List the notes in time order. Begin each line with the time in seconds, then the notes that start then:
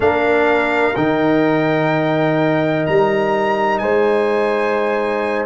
0.00 A#3 D4 A#4 F5
0.95 D#3 D#4 G5
2.86 G3 A#5
3.78 G#3 C5 G#5